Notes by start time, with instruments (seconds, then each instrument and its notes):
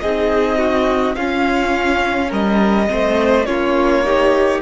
0.00 cello C4, viola D#4, violin G#4 D#5
0.58 violin F#4
1.15 cello C#4, viola C#4, violin F4 F5
2.29 cello G3, violin A#4 D#5
2.88 cello A3, viola C4, violin C5
3.45 cello A#3, viola C#4, violin F4 C#5
4.04 viola D#4, violin G4